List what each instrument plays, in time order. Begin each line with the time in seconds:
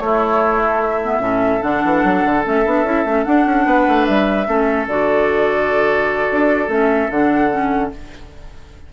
0.00 bassoon A3, clarinet A3, oboe E4, flute C#5
0.64 flute A4
0.82 flute E5
1.04 clarinet B3
1.19 bassoon A2, clarinet C#4, oboe A4
1.62 bassoon D3, clarinet D4, flute F#5
1.85 bassoon E3
2.04 bassoon F#3
2.26 bassoon D3
2.44 bassoon A3, clarinet C#4, flute E5
2.66 bassoon B3, clarinet D4
2.85 bassoon C#4, clarinet E4
3.05 bassoon A3, clarinet C#4
3.25 clarinet D4, bassoon D4, flute F#5
3.46 bassoon C#4
3.66 bassoon B3, oboe B4
3.88 bassoon A3
4.06 bassoon G3, flute E5
4.47 bassoon A3, clarinet C#4, oboe A4
4.87 bassoon D3, clarinet F#4, flute D5
6.32 bassoon D4
6.69 bassoon A3, clarinet C#4, flute E5
7.11 bassoon D3, clarinet D4, flute F#5
7.51 clarinet C#4